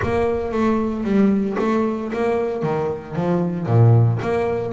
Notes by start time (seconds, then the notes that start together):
0.02 A#3
0.51 A3
1.04 G3
1.59 A3
2.12 A#3
2.62 D#3
3.15 F3
3.66 A#2
4.22 A#3